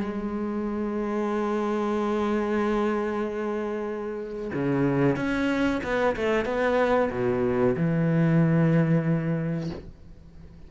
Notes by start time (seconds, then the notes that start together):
0.00 G#3
4.53 C#3
5.16 C#4
5.84 B3
6.16 A3
6.45 B3
7.11 B2
7.77 E3